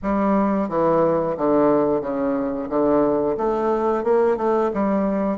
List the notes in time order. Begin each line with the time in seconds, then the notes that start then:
0.02 G3
0.69 E3
1.37 D3
2.01 C#3
2.69 D3
3.37 A3
4.03 A#3
4.36 A3
4.73 G3